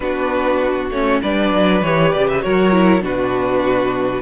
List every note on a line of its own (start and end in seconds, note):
0.00 0.90 B3
0.00 0.91 D4
0.00 1.21 F#4
0.00 0.87 B4
0.90 1.20 A3
0.90 1.23 C#4
0.90 1.21 C#5
1.21 1.53 G3
1.21 1.83 D4
1.21 2.43 B4
1.21 1.82 D5
1.53 1.82 F#3
1.82 2.12 E3
1.82 2.42 G4
1.82 2.12 C#5
2.12 2.44 C#3
2.12 2.27 D5
2.28 2.41 E5
2.41 3.00 F#3
2.41 2.72 F#4
2.41 3.03 A#4
2.41 3.02 C#5
2.72 3.01 E4
3.00 4.21 B2
3.00 4.21 D4
3.00 4.21 F#4
3.00 4.21 B4